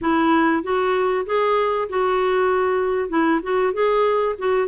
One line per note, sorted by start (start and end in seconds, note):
0.01 0.63 E4
0.63 1.25 F#4
1.26 1.88 G#4
1.89 3.09 F#4
3.09 3.40 E4
3.42 3.73 F#4
3.73 4.35 G#4
4.38 4.67 F#4